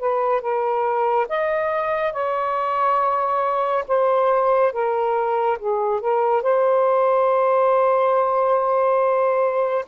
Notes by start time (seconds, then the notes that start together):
0.00 B4
0.41 A#4
1.29 D#5
2.13 C#5
3.88 C5
4.73 A#4
5.59 G#4
6.01 A#4
6.43 C5